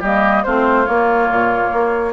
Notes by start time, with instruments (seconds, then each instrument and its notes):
0.00 bassoon G3, clarinet A#3, oboe G4, flute D#5
0.44 bassoon A3, clarinet C4, oboe F4, flute C5
0.85 clarinet A#3, bassoon A#3, flute C#5
1.29 bassoon A#2
1.73 bassoon A#3